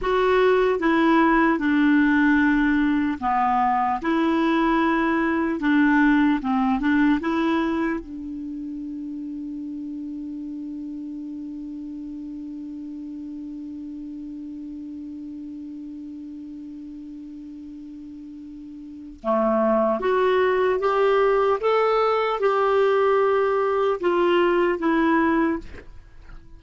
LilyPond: \new Staff \with { instrumentName = "clarinet" } { \time 4/4 \tempo 4 = 75 fis'4 e'4 d'2 | b4 e'2 d'4 | c'8 d'8 e'4 d'2~ | d'1~ |
d'1~ | d'1 | a4 fis'4 g'4 a'4 | g'2 f'4 e'4 | }